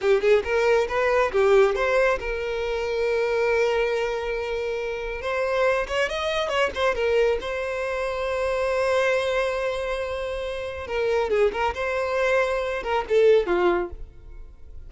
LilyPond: \new Staff \with { instrumentName = "violin" } { \time 4/4 \tempo 4 = 138 g'8 gis'8 ais'4 b'4 g'4 | c''4 ais'2.~ | ais'1 | c''4. cis''8 dis''4 cis''8 c''8 |
ais'4 c''2.~ | c''1~ | c''4 ais'4 gis'8 ais'8 c''4~ | c''4. ais'8 a'4 f'4 | }